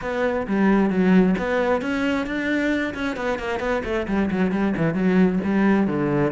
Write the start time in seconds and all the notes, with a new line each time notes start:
0.01 B3
0.47 G3
0.90 F#3
1.38 B3
1.81 C#4
2.26 D4
2.94 C#4
3.16 B3
3.38 A#3
3.59 B3
3.84 A3
4.07 G3
4.31 F#3
4.51 G3
4.77 E3
4.94 F#3
5.44 G3
5.87 D3